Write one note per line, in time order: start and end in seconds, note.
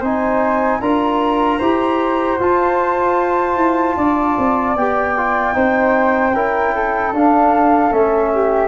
0.00 0.81 C4
0.00 0.82 D#4
0.00 0.79 C5
0.00 0.81 G#5
0.81 1.60 D4
0.81 1.61 F4
0.81 1.59 A#4
0.81 2.39 A#5
1.59 2.40 E4
1.59 2.41 G4
1.59 3.96 C5
2.40 3.56 F4
2.40 4.78 F4
2.40 4.77 A5
3.56 3.96 E4
3.97 4.37 D4
3.97 5.55 D5
4.39 4.76 C4
4.76 5.55 B3
4.76 5.17 G4
4.76 7.14 G5
5.17 5.54 F4
5.54 6.35 C4
5.54 6.33 D#4
5.54 6.35 C5
6.35 7.12 C#4
6.35 7.14 E4
6.35 6.74 A#4
6.75 8.33 A4
7.12 7.91 D4
7.12 7.93 F5
7.91 8.69 A3
7.91 8.69 C#4
7.91 8.69 E5
8.34 8.69 G4